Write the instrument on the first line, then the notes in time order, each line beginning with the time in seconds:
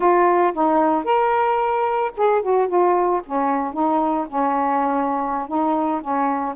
saxophone
0.00 F4
0.53 D#4
1.04 A#4
2.16 G#4
2.42 F#4
2.68 F4
3.26 C#4
3.73 D#4
4.28 C#4
5.48 D#4
6.01 C#4